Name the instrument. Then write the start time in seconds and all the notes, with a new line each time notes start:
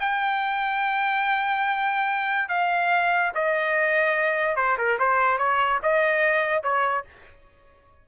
trumpet
0.00 G5
2.49 F5
3.35 D#5
4.56 C5
4.78 A#4
4.99 C5
5.38 C#5
5.83 D#5
6.63 C#5